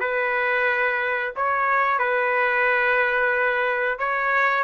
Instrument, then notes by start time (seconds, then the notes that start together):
trumpet
0.00 B4
1.36 C#5
1.99 B4
3.99 C#5